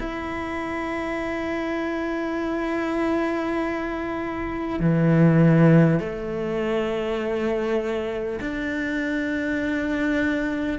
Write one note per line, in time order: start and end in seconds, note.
0.00 4.80 E4
4.80 6.00 E3
6.00 8.40 A3
8.41 10.79 D4